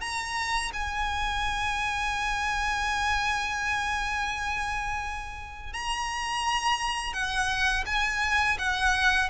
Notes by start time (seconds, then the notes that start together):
0.00 A#5
0.73 G#5
5.73 A#5
7.13 F#5
7.86 G#5
8.58 F#5